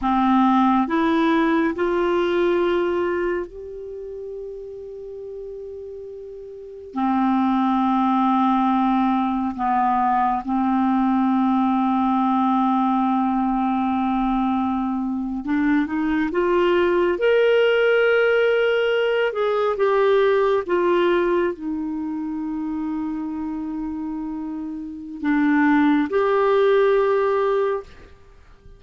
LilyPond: \new Staff \with { instrumentName = "clarinet" } { \time 4/4 \tempo 4 = 69 c'4 e'4 f'2 | g'1 | c'2. b4 | c'1~ |
c'4.~ c'16 d'8 dis'8 f'4 ais'16~ | ais'2~ ais'16 gis'8 g'4 f'16~ | f'8. dis'2.~ dis'16~ | dis'4 d'4 g'2 | }